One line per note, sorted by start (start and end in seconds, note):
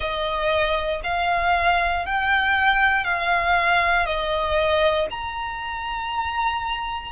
0.00 1.01 D#5
1.04 2.05 F5
2.05 3.04 G5
3.04 4.05 F5
4.05 5.07 D#5
5.10 7.12 A#5